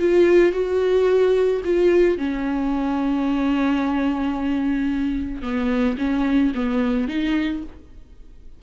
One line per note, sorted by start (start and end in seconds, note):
0.00 0.53 F4
0.53 1.62 F#4
1.65 2.18 F4
2.18 5.43 C#4
5.43 5.97 B3
5.99 6.53 C#4
6.55 7.08 B3
7.08 7.63 D#4